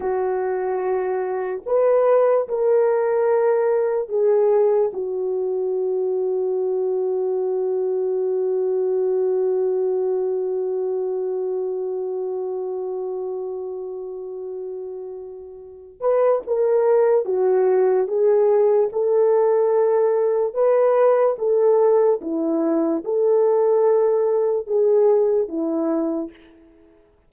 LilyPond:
\new Staff \with { instrumentName = "horn" } { \time 4/4 \tempo 4 = 73 fis'2 b'4 ais'4~ | ais'4 gis'4 fis'2~ | fis'1~ | fis'1~ |
fis'2.~ fis'8 b'8 | ais'4 fis'4 gis'4 a'4~ | a'4 b'4 a'4 e'4 | a'2 gis'4 e'4 | }